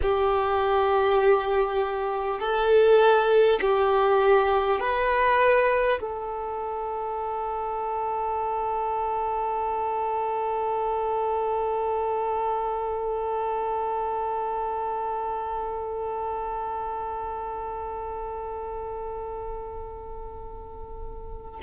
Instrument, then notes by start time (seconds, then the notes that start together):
violin
0.02 G4
2.39 A4
3.61 G4
4.79 B4
6.01 A4